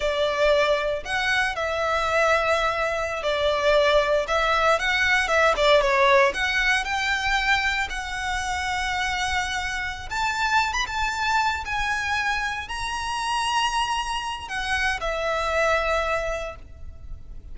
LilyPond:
\new Staff \with { instrumentName = "violin" } { \time 4/4 \tempo 4 = 116 d''2 fis''4 e''4~ | e''2~ e''16 d''4.~ d''16~ | d''16 e''4 fis''4 e''8 d''8 cis''8.~ | cis''16 fis''4 g''2 fis''8.~ |
fis''2.~ fis''8 a''8~ | a''8. b''16 a''4. gis''4.~ | gis''8 ais''2.~ ais''8 | fis''4 e''2. | }